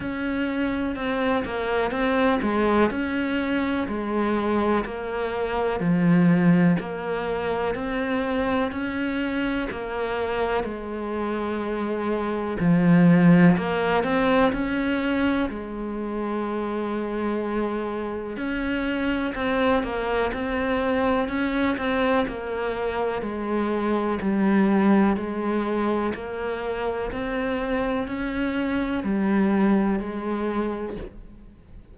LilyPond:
\new Staff \with { instrumentName = "cello" } { \time 4/4 \tempo 4 = 62 cis'4 c'8 ais8 c'8 gis8 cis'4 | gis4 ais4 f4 ais4 | c'4 cis'4 ais4 gis4~ | gis4 f4 ais8 c'8 cis'4 |
gis2. cis'4 | c'8 ais8 c'4 cis'8 c'8 ais4 | gis4 g4 gis4 ais4 | c'4 cis'4 g4 gis4 | }